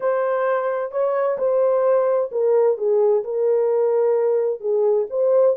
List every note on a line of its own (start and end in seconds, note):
0.00 0.91 C5
0.91 1.37 C#5
1.38 2.30 C5
2.31 2.77 A#4
2.77 3.23 G#4
3.24 4.60 A#4
4.60 5.06 G#4
5.10 5.56 C5